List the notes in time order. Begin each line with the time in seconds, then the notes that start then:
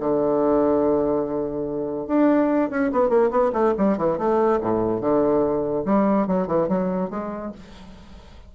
0.00 D3
2.08 D4
2.71 C#4
2.93 B3
3.10 A#3
3.31 B3
3.53 A3
3.78 G3
3.98 E3
4.19 A3
4.61 A2
5.01 D3
5.86 G3
6.27 F#3
6.48 E3
6.69 F#3
7.10 G#3